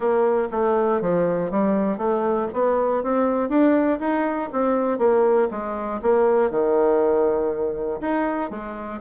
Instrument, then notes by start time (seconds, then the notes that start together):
bassoon
0.00 A#3
0.51 A3
1.01 F3
1.50 G3
1.97 A3
2.53 B3
3.02 C4
3.49 D4
3.99 D#4
4.52 C4
4.98 A#3
5.50 G#3
6.02 A#3
6.50 D#3
8.00 D#4
8.50 G#3